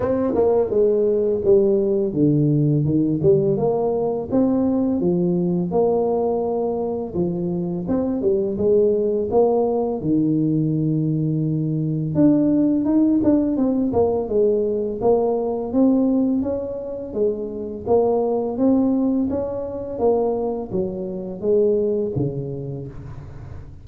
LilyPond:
\new Staff \with { instrumentName = "tuba" } { \time 4/4 \tempo 4 = 84 c'8 ais8 gis4 g4 d4 | dis8 g8 ais4 c'4 f4 | ais2 f4 c'8 g8 | gis4 ais4 dis2~ |
dis4 d'4 dis'8 d'8 c'8 ais8 | gis4 ais4 c'4 cis'4 | gis4 ais4 c'4 cis'4 | ais4 fis4 gis4 cis4 | }